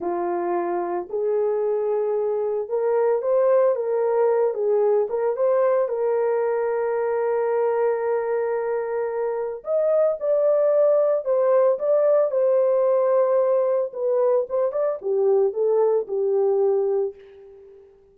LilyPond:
\new Staff \with { instrumentName = "horn" } { \time 4/4 \tempo 4 = 112 f'2 gis'2~ | gis'4 ais'4 c''4 ais'4~ | ais'8 gis'4 ais'8 c''4 ais'4~ | ais'1~ |
ais'2 dis''4 d''4~ | d''4 c''4 d''4 c''4~ | c''2 b'4 c''8 d''8 | g'4 a'4 g'2 | }